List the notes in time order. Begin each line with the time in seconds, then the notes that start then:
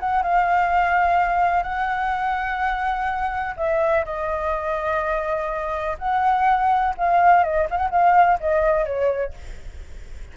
0.00 F#5
0.23 F5
1.63 F#5
3.57 E5
4.05 D#5
5.99 F#5
6.98 F5
7.44 D#5
7.70 F5
7.77 F#5
7.91 F5
8.40 D#5
8.85 C#5